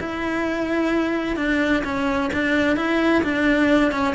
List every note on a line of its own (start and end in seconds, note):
0.00 1.36 E4
1.36 1.83 D4
1.84 2.30 C#4
2.33 2.76 D4
2.76 3.23 E4
3.23 3.91 D4
3.91 4.14 C#4